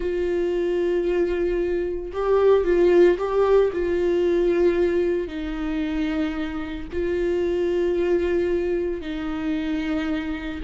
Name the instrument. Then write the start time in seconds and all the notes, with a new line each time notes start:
viola
0.00 F4
2.12 G4
2.64 F4
3.18 G4
3.72 F4
5.27 D#4
6.92 F4
9.01 D#4